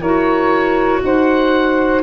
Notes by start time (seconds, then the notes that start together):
0.00 E4 F#4 A#4 C#5
1.03 D#4 C5 F#5